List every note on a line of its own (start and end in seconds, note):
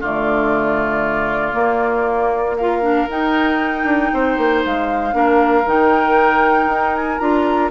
0.00 1.54 D3
0.00 1.52 A3
0.00 2.56 F4
0.00 2.57 D5
1.52 2.55 A#3
1.52 3.08 A#3
2.57 2.81 F4
2.57 4.12 A#4
2.57 3.08 F5
2.81 3.07 D4
3.08 3.84 D#4
3.08 5.12 D#4
3.08 4.64 G5
3.84 4.10 D4
4.13 4.37 C4
4.13 5.15 C5
4.37 4.63 A#3
4.65 5.13 G#3
4.65 5.67 F5
5.12 5.64 A#3
5.12 5.63 D4
5.12 7.71 A#4
5.65 6.66 D#3
5.65 7.20 D#4
5.65 6.95 G5
6.66 7.17 D#4
6.95 7.18 G#5
7.18 7.71 D4
7.18 7.71 F4
7.18 7.69 A#5